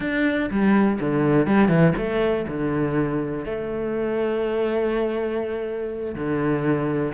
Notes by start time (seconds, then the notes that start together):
0.00 D4
0.50 G3
1.00 D3
1.46 G3
1.68 E3
1.96 A3
2.47 D3
3.45 A3
6.15 D3